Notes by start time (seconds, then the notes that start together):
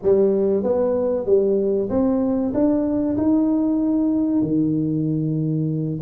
0.02 G3
0.63 B3
1.26 G3
1.89 C4
2.53 D4
3.17 D#4
4.42 D#3